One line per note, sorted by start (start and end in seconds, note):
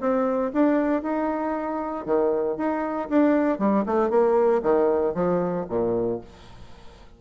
0.00 0.52 C4
0.53 1.02 D4
1.02 2.05 D#4
2.05 2.57 D#3
2.57 3.09 D#4
3.09 3.59 D4
3.59 3.84 G3
3.86 4.10 A3
4.10 4.62 A#3
4.62 5.14 D#3
5.14 5.66 F3
5.69 6.20 A#2